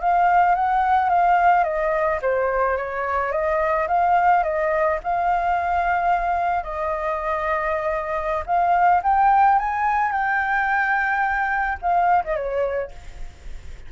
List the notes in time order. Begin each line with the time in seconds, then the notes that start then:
0.00 F5
0.55 F#5
1.09 F5
1.64 D#5
2.22 C5
2.77 C#5
3.32 D#5
3.87 F5
4.43 D#5
5.03 F5
6.63 D#5
8.46 F5
9.03 G5
9.58 G#5
10.11 G5
11.82 F5
12.24 D#5
12.35 C#5